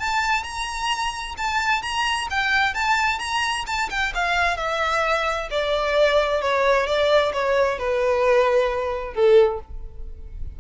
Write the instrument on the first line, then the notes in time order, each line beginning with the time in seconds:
violin
0.00 A5
0.44 A#5
1.38 A5
1.83 A#5
2.31 G5
2.74 A5
3.19 A#5
3.67 A5
3.90 G5
4.15 F5
4.57 E5
5.51 D5
6.42 C#5
6.87 D5
7.33 C#5
7.79 B4
9.15 A4